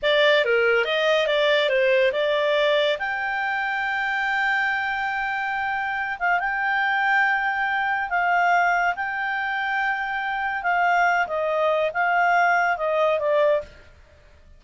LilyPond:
\new Staff \with { instrumentName = "clarinet" } { \time 4/4 \tempo 4 = 141 d''4 ais'4 dis''4 d''4 | c''4 d''2 g''4~ | g''1~ | g''2~ g''8 f''8 g''4~ |
g''2. f''4~ | f''4 g''2.~ | g''4 f''4. dis''4. | f''2 dis''4 d''4 | }